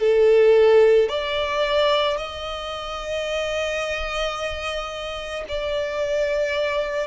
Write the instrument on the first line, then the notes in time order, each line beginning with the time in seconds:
violin
0.00 A4
1.10 D5
2.18 D#5
5.49 D5